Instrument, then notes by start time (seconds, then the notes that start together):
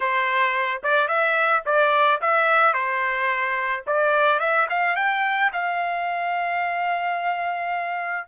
trumpet
0.00 C5
0.83 D5
1.07 E5
1.65 D5
2.21 E5
2.73 C5
3.86 D5
4.39 E5
4.69 F5
4.96 G5
5.52 F5